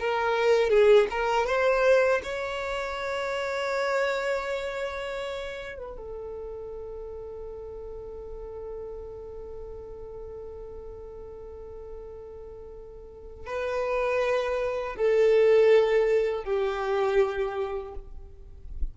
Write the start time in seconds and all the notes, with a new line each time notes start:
0.00 A#4
0.70 G#4
1.11 A#4
1.47 C5
2.24 C#5
5.79 B4
5.98 A4
13.47 B4
14.97 A4
16.45 G4